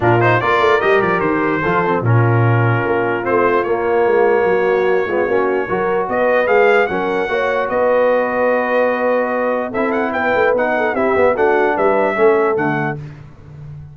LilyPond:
<<
  \new Staff \with { instrumentName = "trumpet" } { \time 4/4 \tempo 4 = 148 ais'8 c''8 d''4 dis''8 d''8 c''4~ | c''4 ais'2. | c''4 cis''2.~ | cis''2. dis''4 |
f''4 fis''2 dis''4~ | dis''1 | e''8 fis''8 g''4 fis''4 e''4 | fis''4 e''2 fis''4 | }
  \new Staff \with { instrumentName = "horn" } { \time 4/4 f'4 ais'2. | a'4 f'2.~ | f'2. fis'4~ | fis'8 f'8 fis'4 ais'4 b'4~ |
b'4 ais'4 cis''4 b'4~ | b'1 | a'4 b'4. a'8 g'4 | fis'4 b'4 a'2 | }
  \new Staff \with { instrumentName = "trombone" } { \time 4/4 d'8 dis'8 f'4 g'2 | f'8 c'8 cis'2. | c'4 ais2.~ | ais8 b8 cis'4 fis'2 |
gis'4 cis'4 fis'2~ | fis'1 | e'2 dis'4 e'8 b8 | d'2 cis'4 a4 | }
  \new Staff \with { instrumentName = "tuba" } { \time 4/4 ais,4 ais8 a8 g8 f8 dis4 | f4 ais,2 ais4 | a4 ais4 gis4 fis4~ | fis8 gis8 ais4 fis4 b4 |
gis4 fis4 ais4 b4~ | b1 | c'4 b8 a8 b4 c'8 b8 | a4 g4 a4 d4 | }
>>